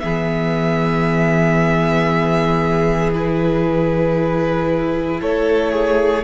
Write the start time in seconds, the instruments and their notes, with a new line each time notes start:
0.00 cello E3, viola B3, violin G#4 E5
3.14 viola E4, violin B4
5.21 cello A3, violin A4 C#5
5.72 violin G#4